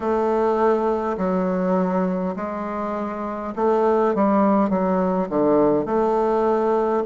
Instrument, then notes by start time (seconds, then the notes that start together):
bassoon
0.00 A3
1.17 F#3
2.36 G#3
3.56 A3
4.14 G3
4.69 F#3
5.29 D3
5.85 A3